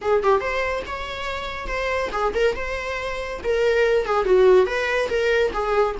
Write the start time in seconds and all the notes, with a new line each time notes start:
0.01 G#4
0.23 G4
0.40 C5
0.86 C#5
1.67 C5
2.12 G#4
2.34 A#4
2.55 C5
3.43 A#4
4.05 G#4
4.24 F#4
4.66 B4
5.09 A#4
5.53 G#4